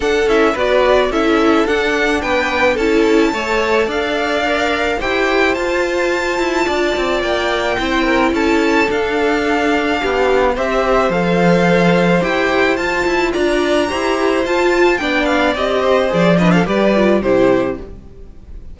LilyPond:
<<
  \new Staff \with { instrumentName = "violin" } { \time 4/4 \tempo 4 = 108 fis''8 e''8 d''4 e''4 fis''4 | g''4 a''2 f''4~ | f''4 g''4 a''2~ | a''4 g''2 a''4 |
f''2. e''4 | f''2 g''4 a''4 | ais''2 a''4 g''8 f''8 | dis''4 d''8 dis''16 f''16 d''4 c''4 | }
  \new Staff \with { instrumentName = "violin" } { \time 4/4 a'4 b'4 a'2 | b'4 a'4 cis''4 d''4~ | d''4 c''2. | d''2 c''8 ais'8 a'4~ |
a'2 g'4 c''4~ | c''1 | d''4 c''2 d''4~ | d''8 c''4 b'16 a'16 b'4 g'4 | }
  \new Staff \with { instrumentName = "viola" } { \time 4/4 d'8 e'8 fis'4 e'4 d'4~ | d'4 e'4 a'2 | ais'4 g'4 f'2~ | f'2 e'2 |
d'2. g'4 | a'2 g'4 f'4~ | f'4 g'4 f'4 d'4 | g'4 gis'8 d'8 g'8 f'8 e'4 | }
  \new Staff \with { instrumentName = "cello" } { \time 4/4 d'8 cis'8 b4 cis'4 d'4 | b4 cis'4 a4 d'4~ | d'4 e'4 f'4. e'8 | d'8 c'8 ais4 c'4 cis'4 |
d'2 b4 c'4 | f2 e'4 f'8 e'8 | d'4 e'4 f'4 b4 | c'4 f4 g4 c4 | }
>>